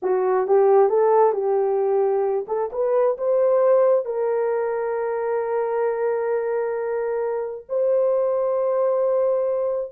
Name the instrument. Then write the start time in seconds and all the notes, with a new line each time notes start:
horn
0.02 F#4
0.47 G4
0.89 A4
1.32 G4
2.47 A4
2.72 B4
3.17 C5
4.05 A#4
7.68 C5